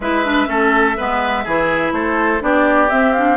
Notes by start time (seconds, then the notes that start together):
0.00 G#3 E4 B4 E5
0.25 D4
0.46 A3 C#4 A4
0.97 G#3 B3 B4
1.44 E3 E4 G#4
1.92 A3 A4 C5
2.40 B3 D4 G4 D5
2.89 C4 E5
3.13 D4 F5